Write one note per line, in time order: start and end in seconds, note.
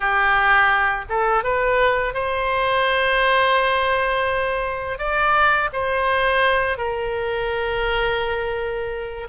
0.00 1.05 G4
1.09 1.43 A4
1.43 2.14 B4
2.14 4.98 C5
4.98 5.69 D5
5.72 6.77 C5
6.77 9.27 A#4